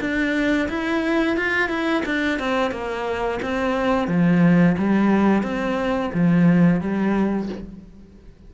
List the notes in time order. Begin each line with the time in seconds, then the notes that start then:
0.00 D4
0.68 E4
1.36 F4
1.69 E4
2.05 D4
2.39 C4
2.71 A#3
3.42 C4
4.08 F3
4.78 G3
5.42 C4
6.14 F3
6.81 G3